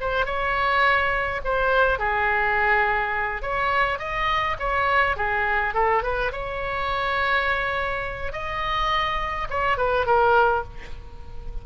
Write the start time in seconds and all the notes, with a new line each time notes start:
0.00 C5
0.25 C#5
1.44 C5
1.99 G#4
3.41 C#5
3.98 D#5
4.59 C#5
5.16 G#4
5.74 A4
6.02 B4
6.32 C#5
8.32 D#5
9.50 C#5
9.77 B4
10.05 A#4